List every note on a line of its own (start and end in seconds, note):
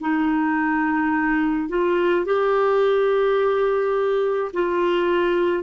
0.00 1.68 D#4
1.68 2.25 F4
2.25 4.51 G4
4.53 5.63 F4